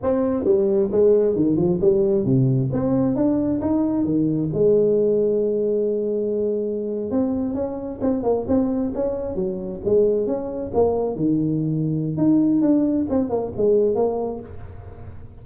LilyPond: \new Staff \with { instrumentName = "tuba" } { \time 4/4 \tempo 4 = 133 c'4 g4 gis4 dis8 f8 | g4 c4 c'4 d'4 | dis'4 dis4 gis2~ | gis2.~ gis8. c'16~ |
c'8. cis'4 c'8 ais8 c'4 cis'16~ | cis'8. fis4 gis4 cis'4 ais16~ | ais8. dis2~ dis16 dis'4 | d'4 c'8 ais8 gis4 ais4 | }